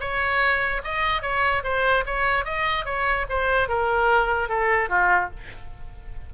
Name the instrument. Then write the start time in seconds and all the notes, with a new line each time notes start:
oboe
0.00 C#5
0.84 D#5
1.22 C#5
1.64 C5
2.06 C#5
2.45 D#5
2.85 C#5
3.29 C5
3.68 A#4
4.49 A4
4.89 F4